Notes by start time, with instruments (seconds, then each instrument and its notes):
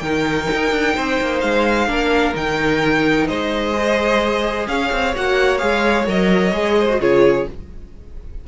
0.00 cello D#3, viola D#4, violin A#4 G5
0.54 cello D#4
0.71 cello D4
0.95 cello C4, violin C5
1.21 cello A#3
1.41 cello G#3, violin F5
1.87 cello A#3, viola D4, violin A#4
2.34 cello D#3, viola D#4, violin G5
3.27 cello G#3, violin C5 D#5
3.74 viola G#4
4.67 cello C#4, violin C#5 F5
4.92 cello C4
5.16 cello A#3, viola F#4, violin F#5
5.58 cello G#3, viola G#4, violin F5
6.06 cello F#3, viola A#4, violin D#5
6.52 cello G#3, viola G#4
6.79 violin C5
6.90 viola F#4
7.00 cello C#3, viola F4, violin G#4 C#5